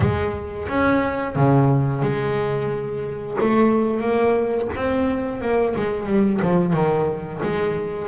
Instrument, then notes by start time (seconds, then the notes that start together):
double bass
0.00 G#3
0.68 C#4
1.35 C#3
2.02 G#3
3.40 A3
4.00 A#3
4.75 C4
5.41 A#3
5.75 G#3
6.06 G3
6.41 F3
6.73 D#3
7.42 G#3